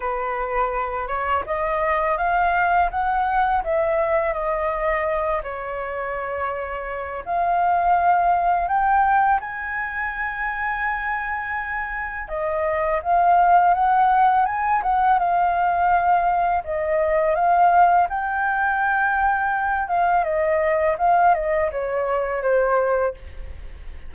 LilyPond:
\new Staff \with { instrumentName = "flute" } { \time 4/4 \tempo 4 = 83 b'4. cis''8 dis''4 f''4 | fis''4 e''4 dis''4. cis''8~ | cis''2 f''2 | g''4 gis''2.~ |
gis''4 dis''4 f''4 fis''4 | gis''8 fis''8 f''2 dis''4 | f''4 g''2~ g''8 f''8 | dis''4 f''8 dis''8 cis''4 c''4 | }